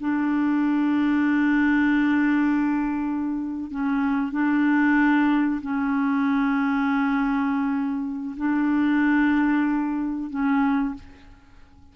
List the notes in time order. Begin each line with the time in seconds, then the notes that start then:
0.00 D4
3.71 C#4
4.32 D4
5.62 C#4
8.37 D4
10.30 C#4